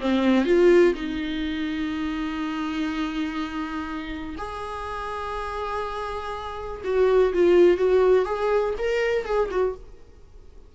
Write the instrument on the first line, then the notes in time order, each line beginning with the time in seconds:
viola
0.00 C4
0.45 F4
0.94 D#4
4.38 G#4
6.84 F#4
7.33 F4
7.77 F#4
8.25 G#4
8.78 A#4
9.25 G#4
9.50 F#4